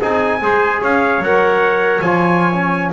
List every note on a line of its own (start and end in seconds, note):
0.00 0.42 C4
0.00 0.41 D#4
0.00 0.41 G#4
0.00 0.82 G#5
0.42 0.82 G#3
0.42 1.23 G#4
0.42 0.81 C5
0.81 1.18 C#4
0.81 2.93 C#5
0.81 1.23 F5
1.18 1.99 F#3
1.18 2.04 A#4
1.18 2.01 F#5
2.01 2.93 F3
2.01 2.53 F4
2.01 2.92 G#5
2.53 2.93 C#4